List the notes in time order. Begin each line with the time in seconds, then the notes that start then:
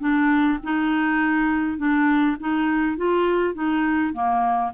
0.00 D4
0.64 D#4
1.78 D4
2.40 D#4
2.98 F4
3.55 D#4
4.14 A#3